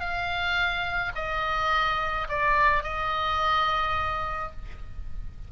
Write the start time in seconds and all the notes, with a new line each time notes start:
0.00 F5
1.15 D#5
2.29 D5
2.83 D#5